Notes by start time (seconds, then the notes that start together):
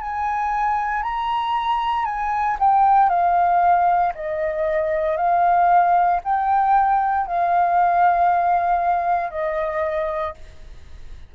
0.00 G#5
1.03 A#5
2.05 G#5
2.59 G5
3.09 F5
4.15 D#5
5.17 F5
6.24 G5
7.27 F5
9.30 D#5